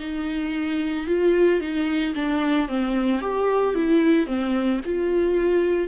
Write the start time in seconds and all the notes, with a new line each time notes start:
0.00 D#4
1.07 F4
1.61 D#4
2.15 D4
2.69 C4
3.21 G4
3.75 E4
4.27 C4
4.86 F4